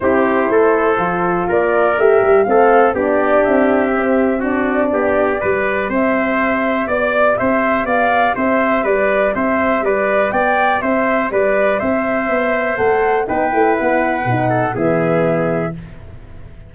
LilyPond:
<<
  \new Staff \with { instrumentName = "flute" } { \time 4/4 \tempo 4 = 122 c''2. d''4 | e''4 f''4 d''4 e''4~ | e''4 d''2. | e''2 d''4 e''4 |
f''4 e''4 d''4 e''4 | d''4 g''4 e''4 d''4 | e''2 fis''4 g''4 | fis''2 e''2 | }
  \new Staff \with { instrumentName = "trumpet" } { \time 4/4 g'4 a'2 ais'4~ | ais'4 a'4 g'2~ | g'4 fis'4 g'4 b'4 | c''2 d''4 c''4 |
d''4 c''4 b'4 c''4 | b'4 d''4 c''4 b'4 | c''2. b'4~ | b'4. a'8 gis'2 | }
  \new Staff \with { instrumentName = "horn" } { \time 4/4 e'2 f'2 | g'4 c'4 d'2 | c'4 d'2 g'4~ | g'1~ |
g'1~ | g'1~ | g'2 a'4 dis'8 e'8~ | e'4 dis'4 b2 | }
  \new Staff \with { instrumentName = "tuba" } { \time 4/4 c'4 a4 f4 ais4 | a8 g8 a4 b4 c'4~ | c'2 b4 g4 | c'2 b4 c'4 |
b4 c'4 g4 c'4 | g4 b4 c'4 g4 | c'4 b4 a4 b8 a8 | b4 b,4 e2 | }
>>